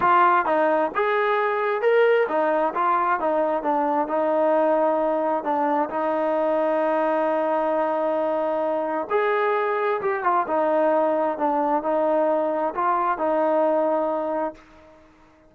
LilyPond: \new Staff \with { instrumentName = "trombone" } { \time 4/4 \tempo 4 = 132 f'4 dis'4 gis'2 | ais'4 dis'4 f'4 dis'4 | d'4 dis'2. | d'4 dis'2.~ |
dis'1 | gis'2 g'8 f'8 dis'4~ | dis'4 d'4 dis'2 | f'4 dis'2. | }